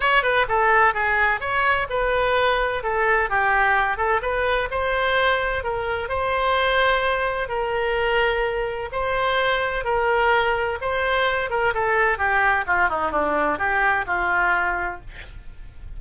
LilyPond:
\new Staff \with { instrumentName = "oboe" } { \time 4/4 \tempo 4 = 128 cis''8 b'8 a'4 gis'4 cis''4 | b'2 a'4 g'4~ | g'8 a'8 b'4 c''2 | ais'4 c''2. |
ais'2. c''4~ | c''4 ais'2 c''4~ | c''8 ais'8 a'4 g'4 f'8 dis'8 | d'4 g'4 f'2 | }